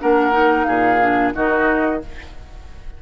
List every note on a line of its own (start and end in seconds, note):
0.00 0.66 A#3
0.00 0.32 D4
0.00 0.66 A#4
0.00 0.64 F#5
0.32 0.98 D#4
0.64 1.33 A#2
0.64 1.33 G#4
0.64 1.30 F5
1.01 1.34 D4
1.34 2.02 D#3
1.34 2.00 D#4
1.34 2.01 F#4
1.34 2.02 D#5